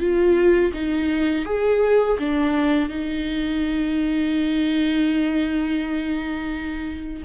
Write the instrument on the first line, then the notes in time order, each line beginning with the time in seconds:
viola
0.00 F4
0.74 D#4
1.46 G#4
2.19 D4
2.89 D#4